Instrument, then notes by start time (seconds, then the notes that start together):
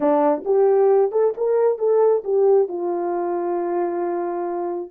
horn
0.00 D4
0.44 G4
1.11 A4
1.37 A#4
1.78 A4
2.23 G4
2.68 F4